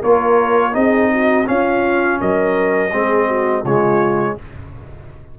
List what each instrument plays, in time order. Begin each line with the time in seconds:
0.00 tuba A#3, trombone F4, horn A#4, trumpet C#5
0.72 tuba C4, trombone D#4, horn G#4, trumpet D#5
1.12 horn F#4
1.46 trombone C#4, tuba C#4, horn F4, trumpet F5
2.20 tuba F#3, horn A#4, trumpet D#5
2.92 tuba G#3, trombone C4, horn G#4
3.27 horn F#4
3.62 tuba C#3, trombone G#3, horn F4, trumpet C#5